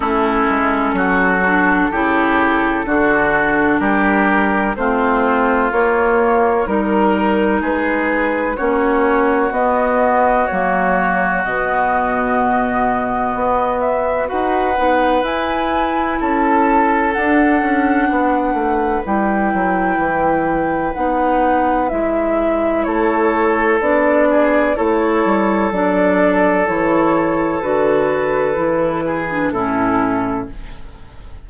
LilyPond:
<<
  \new Staff \with { instrumentName = "flute" } { \time 4/4 \tempo 4 = 63 a'1 | ais'4 c''4 cis''4 ais'4 | b'4 cis''4 dis''4 cis''4 | dis''2~ dis''8 e''8 fis''4 |
gis''4 a''4 fis''2 | g''2 fis''4 e''4 | cis''4 d''4 cis''4 d''4 | cis''4 b'2 a'4 | }
  \new Staff \with { instrumentName = "oboe" } { \time 4/4 e'4 fis'4 g'4 fis'4 | g'4 f'2 ais'4 | gis'4 fis'2.~ | fis'2. b'4~ |
b'4 a'2 b'4~ | b'1 | a'4. gis'8 a'2~ | a'2~ a'8 gis'8 e'4 | }
  \new Staff \with { instrumentName = "clarinet" } { \time 4/4 cis'4. d'8 e'4 d'4~ | d'4 c'4 ais4 dis'4~ | dis'4 cis'4 b4 ais4 | b2. fis'8 dis'8 |
e'2 d'2 | e'2 dis'4 e'4~ | e'4 d'4 e'4 d'4 | e'4 fis'4 e'8. d'16 cis'4 | }
  \new Staff \with { instrumentName = "bassoon" } { \time 4/4 a8 gis8 fis4 cis4 d4 | g4 a4 ais4 g4 | gis4 ais4 b4 fis4 | b,2 b4 dis'8 b8 |
e'4 cis'4 d'8 cis'8 b8 a8 | g8 fis8 e4 b4 gis4 | a4 b4 a8 g8 fis4 | e4 d4 e4 a,4 | }
>>